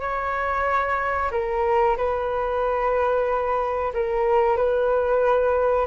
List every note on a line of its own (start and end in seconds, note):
0.00 1.30 C#5
1.31 1.96 A#4
1.97 3.92 B4
3.94 4.56 A#4
4.56 5.87 B4